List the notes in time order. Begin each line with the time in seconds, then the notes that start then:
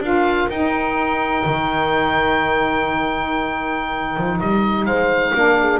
0.00 D4 F4 A#4 F5
0.48 D#4 G5
1.45 D#3
4.17 F3
4.40 G3 D#5
4.84 G#3 C5 F5
5.34 A#3 D4 A#4
5.59 G#4